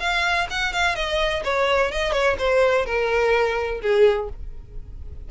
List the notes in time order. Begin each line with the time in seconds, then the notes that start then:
0.00 F5
0.50 F#5
0.73 F5
0.95 D#5
1.44 C#5
1.91 D#5
2.12 C#5
2.39 C5
2.86 A#4
3.82 G#4